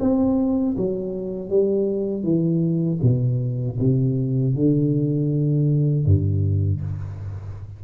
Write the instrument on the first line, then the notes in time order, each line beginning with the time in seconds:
tuba
0.00 C4
0.77 F#3
1.50 G3
2.23 E3
3.02 B2
3.79 C3
4.55 D3
6.06 G2